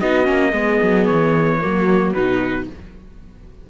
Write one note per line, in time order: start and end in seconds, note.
0.00 0.28 B3
0.00 0.24 D#4
0.00 0.50 F#4
0.00 1.06 D#5
0.24 0.52 A#3
0.24 0.51 C#4
0.50 0.79 G#3
0.50 1.60 B3
0.50 1.57 G#4
0.82 1.09 F#3
1.06 1.63 E3
1.06 2.13 C#5
1.61 2.13 F#3
1.61 2.14 A#3
1.61 2.69 F#4
2.13 2.66 B2
2.13 2.69 D#4
2.13 2.67 B4